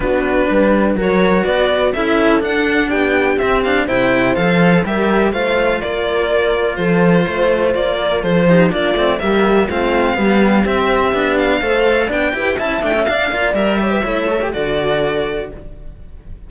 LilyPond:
<<
  \new Staff \with { instrumentName = "violin" } { \time 4/4 \tempo 4 = 124 b'2 cis''4 d''4 | e''4 fis''4 g''4 e''8 f''8 | g''4 f''4 e''4 f''4 | d''2 c''2 |
d''4 c''4 d''4 e''4 | f''2 e''4. f''8~ | f''4 g''4 a''8 g''8 f''4 | e''2 d''2 | }
  \new Staff \with { instrumentName = "horn" } { \time 4/4 fis'4 b'4 ais'4 b'4 | a'2 g'2 | c''2 ais'4 c''4 | ais'2 a'4 c''4~ |
c''8 ais'8 a'8 g'8 f'4 g'4 | f'4 g'2. | c''4 d''8 b'8 e''4. d''8~ | d''8 cis''16 b'16 cis''4 a'2 | }
  \new Staff \with { instrumentName = "cello" } { \time 4/4 d'2 fis'2 | e'4 d'2 c'8 d'8 | e'4 a'4 g'4 f'4~ | f'1~ |
f'4. dis'8 d'8 c'8 ais4 | c'4 g4 c'4 d'4 | a'4 d'8 g'8 e'8 d'16 cis'16 d'8 f'8 | ais'8 g'8 e'8 a'16 g'16 fis'2 | }
  \new Staff \with { instrumentName = "cello" } { \time 4/4 b4 g4 fis4 b4 | cis'4 d'4 b4 c'4 | c4 f4 g4 a4 | ais2 f4 a4 |
ais4 f4 ais8 a8 g4 | a4 b4 c'4 b4 | a4 b8 e'8 cis'8 a8 d'8 ais8 | g4 a4 d2 | }
>>